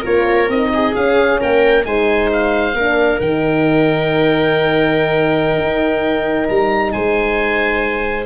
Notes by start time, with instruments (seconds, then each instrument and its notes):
0.00 tuba A#3, horn F4, viola A#4, oboe C#5
0.48 tuba C4, horn D#4, oboe D#5
0.73 viola G#4
0.95 horn C#4, tuba C#4, oboe F5
1.40 tuba A#3, viola A#4, oboe G5
1.83 tuba G#3, horn D#4, viola C5, oboe G#5
2.32 oboe F5
2.73 tuba A#3, horn D4, viola A#4
3.20 tuba D#3, horn D#4, oboe G5
5.57 tuba D#4
6.48 tuba G3, oboe A#5
6.92 tuba G#3, viola C5, oboe G#5